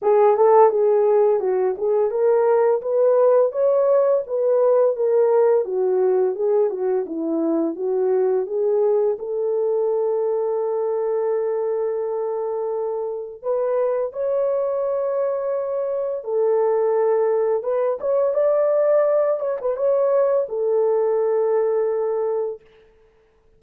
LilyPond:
\new Staff \with { instrumentName = "horn" } { \time 4/4 \tempo 4 = 85 gis'8 a'8 gis'4 fis'8 gis'8 ais'4 | b'4 cis''4 b'4 ais'4 | fis'4 gis'8 fis'8 e'4 fis'4 | gis'4 a'2.~ |
a'2. b'4 | cis''2. a'4~ | a'4 b'8 cis''8 d''4. cis''16 b'16 | cis''4 a'2. | }